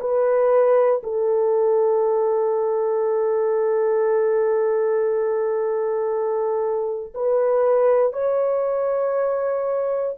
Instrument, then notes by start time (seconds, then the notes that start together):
horn
0.00 B4
1.03 A4
7.14 B4
8.13 C#5